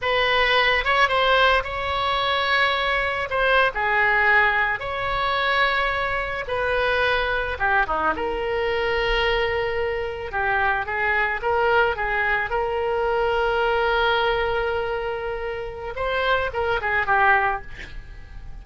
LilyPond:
\new Staff \with { instrumentName = "oboe" } { \time 4/4 \tempo 4 = 109 b'4. cis''8 c''4 cis''4~ | cis''2 c''8. gis'4~ gis'16~ | gis'8. cis''2. b'16~ | b'4.~ b'16 g'8 dis'8 ais'4~ ais'16~ |
ais'2~ ais'8. g'4 gis'16~ | gis'8. ais'4 gis'4 ais'4~ ais'16~ | ais'1~ | ais'4 c''4 ais'8 gis'8 g'4 | }